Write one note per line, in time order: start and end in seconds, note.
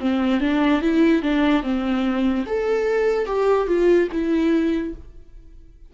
0.00 0.40 C4
0.40 0.81 D4
0.81 1.22 E4
1.22 1.63 D4
1.63 2.45 C4
2.46 3.26 A4
3.26 3.67 G4
3.67 4.08 F4
4.11 4.94 E4